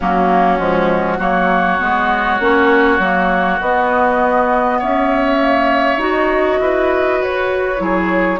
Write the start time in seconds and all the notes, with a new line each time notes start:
0.00 F#3 A#3 C#4 F#4
0.58 F3 G#3
1.18 F#3 A#3 F#4 C#5
1.78 G#3 B3
2.39 A#3 C#4
2.98 F#3 A#3
3.60 B3 D#5
4.79 C#4 C#5 E5
5.39 A#3
5.97 D#4 F#4 D#5
6.60 E4 B4
7.21 F#4 C#5
7.77 F#3 E4 G#4